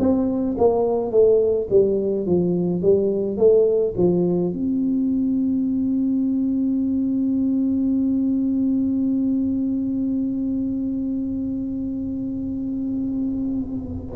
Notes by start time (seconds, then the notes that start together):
0.00 C4
0.58 A#3
1.11 A3
1.70 G3
2.26 F3
2.82 G3
3.38 A3
3.97 F3
4.53 C4